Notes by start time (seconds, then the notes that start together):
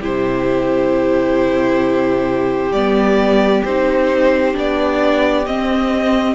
0.00 C3 E4 G4 C5
2.71 G3 B3 D5
3.64 C4 D#4 C5
4.53 B3 D4 D5
5.46 C4 D#5